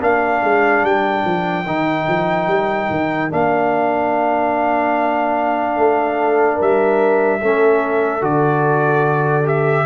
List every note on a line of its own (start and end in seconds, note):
0.00 0.41 A#3
0.00 1.65 D4
0.00 5.76 A#4
0.00 0.85 F5
0.43 0.83 G#3
0.83 1.24 G3
0.83 3.32 G5
1.25 1.65 F3
1.65 2.07 D#3
1.65 3.30 D#4
2.08 2.47 F3
2.47 2.88 G3
2.90 3.31 D#3
3.30 5.76 A#3
3.30 7.41 D4
3.30 6.61 F5
5.76 6.58 A3
5.76 6.56 A4
6.56 7.42 G3
6.56 7.38 A#4
6.56 8.23 E5
7.41 8.22 A3
7.41 8.21 C#4
7.41 9.85 A4
8.21 9.85 D3
8.21 9.44 F#4
8.21 9.47 D5
9.44 9.85 G4
9.44 9.85 E5